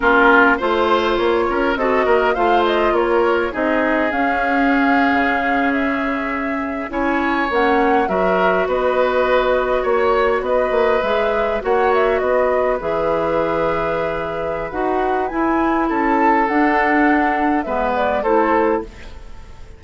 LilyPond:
<<
  \new Staff \with { instrumentName = "flute" } { \time 4/4 \tempo 4 = 102 ais'4 c''4 cis''4 dis''4 | f''8 dis''8 cis''4 dis''4 f''4~ | f''4.~ f''16 e''2 gis''16~ | gis''8. fis''4 e''4 dis''4~ dis''16~ |
dis''8. cis''4 dis''4 e''4 fis''16~ | fis''16 e''8 dis''4 e''2~ e''16~ | e''4 fis''4 gis''4 a''4 | fis''2 e''8 d''8 c''4 | }
  \new Staff \with { instrumentName = "oboe" } { \time 4/4 f'4 c''4. ais'8 a'8 ais'8 | c''4 ais'4 gis'2~ | gis'2.~ gis'8. cis''16~ | cis''4.~ cis''16 ais'4 b'4~ b'16~ |
b'8. cis''4 b'2 cis''16~ | cis''8. b'2.~ b'16~ | b'2. a'4~ | a'2 b'4 a'4 | }
  \new Staff \with { instrumentName = "clarinet" } { \time 4/4 cis'4 f'2 fis'4 | f'2 dis'4 cis'4~ | cis'2.~ cis'8. e'16~ | e'8. cis'4 fis'2~ fis'16~ |
fis'2~ fis'8. gis'4 fis'16~ | fis'4.~ fis'16 gis'2~ gis'16~ | gis'4 fis'4 e'2 | d'2 b4 e'4 | }
  \new Staff \with { instrumentName = "bassoon" } { \time 4/4 ais4 a4 ais8 cis'8 c'8 ais8 | a4 ais4 c'4 cis'4~ | cis'8. cis2. cis'16~ | cis'8. ais4 fis4 b4~ b16~ |
b8. ais4 b8 ais8 gis4 ais16~ | ais8. b4 e2~ e16~ | e4 dis'4 e'4 cis'4 | d'2 gis4 a4 | }
>>